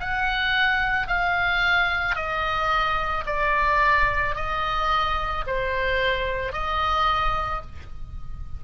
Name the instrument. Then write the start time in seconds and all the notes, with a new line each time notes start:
oboe
0.00 F#5
1.07 F5
2.15 D#5
3.26 D5
4.35 D#5
5.46 C5
6.53 D#5